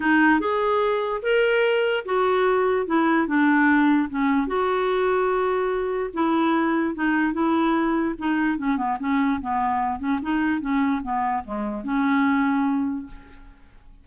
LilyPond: \new Staff \with { instrumentName = "clarinet" } { \time 4/4 \tempo 4 = 147 dis'4 gis'2 ais'4~ | ais'4 fis'2 e'4 | d'2 cis'4 fis'4~ | fis'2. e'4~ |
e'4 dis'4 e'2 | dis'4 cis'8 b8 cis'4 b4~ | b8 cis'8 dis'4 cis'4 b4 | gis4 cis'2. | }